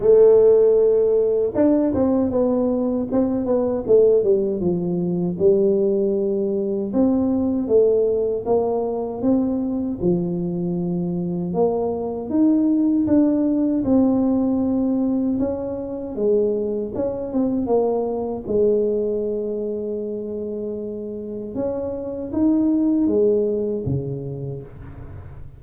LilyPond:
\new Staff \with { instrumentName = "tuba" } { \time 4/4 \tempo 4 = 78 a2 d'8 c'8 b4 | c'8 b8 a8 g8 f4 g4~ | g4 c'4 a4 ais4 | c'4 f2 ais4 |
dis'4 d'4 c'2 | cis'4 gis4 cis'8 c'8 ais4 | gis1 | cis'4 dis'4 gis4 cis4 | }